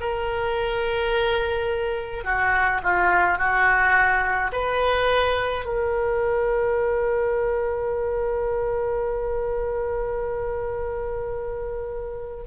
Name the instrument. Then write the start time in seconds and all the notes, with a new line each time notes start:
oboe
0.00 A#4
2.24 F#4
2.83 F4
3.38 F#4
4.52 B4
5.65 A#4